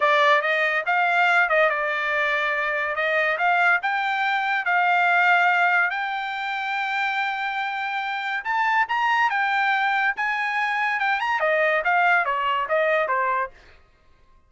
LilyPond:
\new Staff \with { instrumentName = "trumpet" } { \time 4/4 \tempo 4 = 142 d''4 dis''4 f''4. dis''8 | d''2. dis''4 | f''4 g''2 f''4~ | f''2 g''2~ |
g''1 | a''4 ais''4 g''2 | gis''2 g''8 ais''8 dis''4 | f''4 cis''4 dis''4 c''4 | }